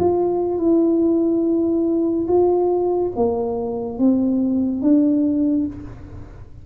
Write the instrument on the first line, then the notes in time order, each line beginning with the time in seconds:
tuba
0.00 F4
0.59 E4
2.28 F4
3.17 A#3
3.99 C4
4.82 D4